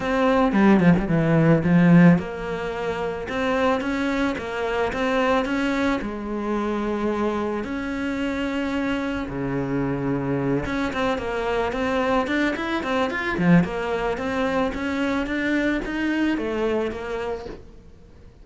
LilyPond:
\new Staff \with { instrumentName = "cello" } { \time 4/4 \tempo 4 = 110 c'4 g8 f16 g16 e4 f4 | ais2 c'4 cis'4 | ais4 c'4 cis'4 gis4~ | gis2 cis'2~ |
cis'4 cis2~ cis8 cis'8 | c'8 ais4 c'4 d'8 e'8 c'8 | f'8 f8 ais4 c'4 cis'4 | d'4 dis'4 a4 ais4 | }